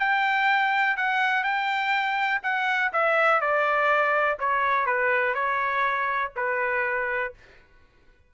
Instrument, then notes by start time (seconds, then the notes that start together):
trumpet
0.00 G5
0.97 F#5
1.44 G5
2.43 F#5
2.93 E5
3.41 D5
4.40 C#5
4.86 B4
5.35 C#5
6.36 B4